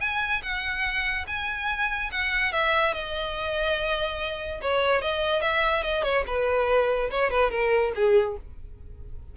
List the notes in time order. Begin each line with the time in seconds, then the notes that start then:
0.00 G#5
0.42 F#5
1.27 G#5
2.11 F#5
2.52 E5
2.93 D#5
4.61 C#5
5.01 D#5
5.41 E5
5.83 D#5
6.03 C#5
6.26 B4
7.10 C#5
7.30 B4
7.50 A#4
7.95 G#4